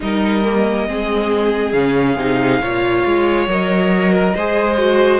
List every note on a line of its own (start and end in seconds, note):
0.00 0.88 G3
0.00 0.43 D#4
0.00 0.87 A#4
0.00 1.72 D#5
0.44 0.87 A#3
0.87 1.73 G#3
0.87 1.74 C4
0.87 2.61 G#4
1.72 2.16 C#3
1.72 2.18 C#4
1.72 3.46 F5
2.16 2.59 C3
2.16 2.61 D#4
2.60 3.03 A#2
2.60 3.48 F4
2.60 4.12 C#5
3.05 3.47 G#3
3.47 4.34 F#3
3.47 4.35 A#4
3.47 5.20 D#5
4.12 4.34 A#4
4.34 5.20 G#3
4.34 4.78 G#4
4.34 5.20 C5
4.78 5.20 F#4